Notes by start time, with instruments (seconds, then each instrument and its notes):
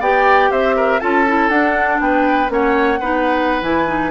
0.00 bassoon B3, clarinet G4, oboe D5, flute G5
0.51 bassoon C4, oboe C5, flute E5
0.76 oboe A#4
1.00 bassoon C#4, clarinet F4, oboe A4, flute A5
1.27 clarinet E4
1.49 bassoon D4, clarinet D4, flute F#5
1.99 bassoon B3, oboe B4, flute G5
2.48 bassoon A#3, clarinet C#4, oboe C#5, flute F#5
2.99 bassoon B3, clarinet D#4, oboe B4
3.61 bassoon E3, clarinet E4, flute G#5
3.87 clarinet D#4